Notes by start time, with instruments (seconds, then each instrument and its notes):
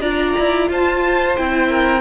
0.00 cello D4, viola F4, violin D5 A#5
0.39 cello E4
0.69 cello F4, violin C5 A5
1.36 cello C4, viola E4, violin G5
1.69 violin A#4